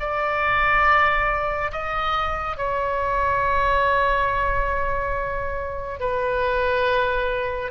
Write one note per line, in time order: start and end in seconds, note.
0.00 1.71 D5
1.72 2.58 D#5
2.58 6.00 C#5
6.00 7.71 B4